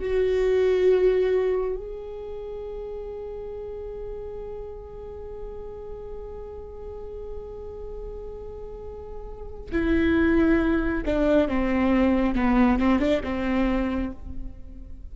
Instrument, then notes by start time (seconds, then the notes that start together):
viola
0.00 F#4
1.77 G#4
9.72 E4
11.06 D4
11.49 C4
12.36 B3
12.79 C4
13.00 D4
13.24 C4